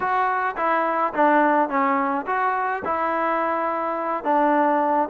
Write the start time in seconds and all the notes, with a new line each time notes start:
0.00 F#4
0.56 E4
1.13 D4
1.69 C#4
2.26 F#4
2.84 E4
4.23 D4